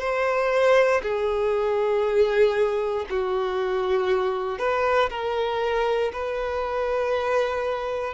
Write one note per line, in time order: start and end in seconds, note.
0.00 1.02 C5
1.03 3.06 G#4
3.10 4.59 F#4
4.59 5.09 B4
5.10 6.12 A#4
6.13 8.14 B4